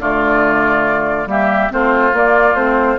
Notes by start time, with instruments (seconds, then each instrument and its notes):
0.00 bassoon D3, clarinet A3, oboe F4, flute D5
1.26 bassoon G3, clarinet A#3, oboe G4, flute E5
1.70 bassoon A3, clarinet C4, oboe F4, flute C5
2.13 clarinet A#3, bassoon A#3, flute D5
2.55 bassoon A3, clarinet C4, flute C5